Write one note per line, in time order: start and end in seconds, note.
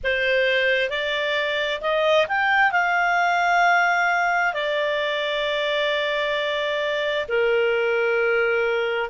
0.03 0.89 C5
0.89 1.80 D5
1.81 2.26 D#5
2.27 2.71 G5
2.71 4.53 F5
4.53 7.26 D5
7.28 9.10 A#4